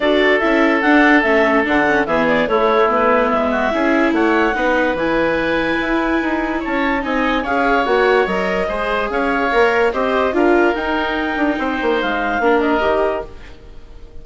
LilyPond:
<<
  \new Staff \with { instrumentName = "clarinet" } { \time 4/4 \tempo 4 = 145 d''4 e''4 fis''4 e''4 | fis''4 e''8 d''8 cis''4 b'4 | e''2 fis''2 | gis''1 |
a''4 gis''4 f''4 fis''4 | dis''2 f''2 | dis''4 f''4 g''2~ | g''4 f''4. dis''4. | }
  \new Staff \with { instrumentName = "oboe" } { \time 4/4 a'1~ | a'4 gis'4 e'2~ | e'8 fis'8 gis'4 cis''4 b'4~ | b'1 |
cis''4 dis''4 cis''2~ | cis''4 c''4 cis''2 | c''4 ais'2. | c''2 ais'2 | }
  \new Staff \with { instrumentName = "viola" } { \time 4/4 fis'4 e'4 d'4 cis'4 | d'8 cis'8 b4 a4 b4~ | b4 e'2 dis'4 | e'1~ |
e'4 dis'4 gis'4 fis'4 | ais'4 gis'2 ais'4 | g'4 f'4 dis'2~ | dis'2 d'4 g'4 | }
  \new Staff \with { instrumentName = "bassoon" } { \time 4/4 d'4 cis'4 d'4 a4 | d4 e4 a2 | gis4 cis'4 a4 b4 | e2 e'4 dis'4 |
cis'4 c'4 cis'4 ais4 | fis4 gis4 cis'4 ais4 | c'4 d'4 dis'4. d'8 | c'8 ais8 gis4 ais4 dis4 | }
>>